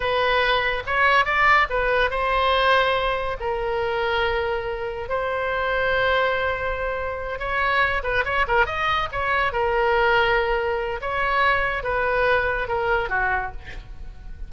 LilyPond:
\new Staff \with { instrumentName = "oboe" } { \time 4/4 \tempo 4 = 142 b'2 cis''4 d''4 | b'4 c''2. | ais'1 | c''1~ |
c''4. cis''4. b'8 cis''8 | ais'8 dis''4 cis''4 ais'4.~ | ais'2 cis''2 | b'2 ais'4 fis'4 | }